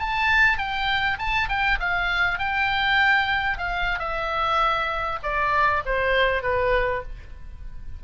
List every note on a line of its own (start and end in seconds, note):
0.00 0.58 A5
0.58 1.18 G5
1.19 1.49 A5
1.49 1.79 G5
1.80 2.39 F5
2.39 3.58 G5
3.58 4.00 F5
4.00 5.20 E5
5.24 5.84 D5
5.86 6.43 C5
6.43 7.03 B4